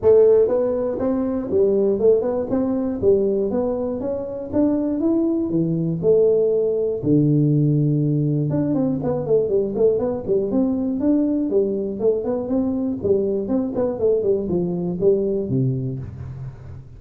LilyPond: \new Staff \with { instrumentName = "tuba" } { \time 4/4 \tempo 4 = 120 a4 b4 c'4 g4 | a8 b8 c'4 g4 b4 | cis'4 d'4 e'4 e4 | a2 d2~ |
d4 d'8 c'8 b8 a8 g8 a8 | b8 g8 c'4 d'4 g4 | a8 b8 c'4 g4 c'8 b8 | a8 g8 f4 g4 c4 | }